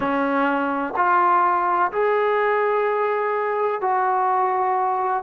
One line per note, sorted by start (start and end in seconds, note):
0.00 0.94 C#4
0.96 1.91 F4
1.92 3.81 G#4
3.81 5.23 F#4